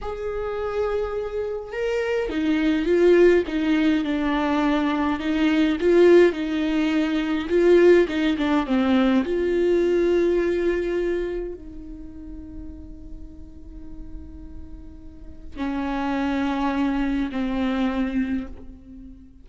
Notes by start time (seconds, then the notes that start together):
0.01 G#4
1.72 A#4
2.29 D#4
2.85 F4
3.47 D#4
4.04 D4
5.19 D#4
5.80 F4
6.32 D#4
7.49 F4
8.08 D#4
8.37 D4
8.66 C4
9.24 F4
11.54 D#4
15.56 C#4
17.31 C4